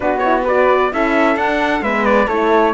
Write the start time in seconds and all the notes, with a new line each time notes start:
0.00 B3 D4 F#4 B4
0.18 E4 C#5
0.44 F#4 B4 D5
0.92 C#4 E4 A4 E5
1.36 D4 F#5
1.81 G#3 B3 B4 E5
2.05 D5
2.27 A3 E4 A4 C#5